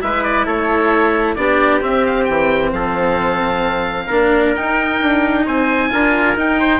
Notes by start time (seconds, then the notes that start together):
0.00 G#3 E4 B4 E5
0.23 D5
0.46 A3 A4 C#5
1.35 B3 D4 G4 D5
1.81 C4 E5
2.06 F5
2.24 E3 G5
2.72 F3 A4 F5
4.07 A#3 D4 A#4
4.55 D#4 G5
5.01 D4
5.45 C4 C5 G#5
5.90 D4 F4 A#4
6.36 D#4 G5
6.60 C5